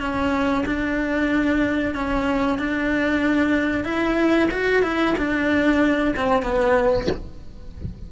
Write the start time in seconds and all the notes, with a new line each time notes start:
0.00 C#4
0.66 D4
1.94 C#4
2.58 D4
3.84 E4
4.51 F#4
4.83 E4
5.18 D4
6.16 C4
6.43 B3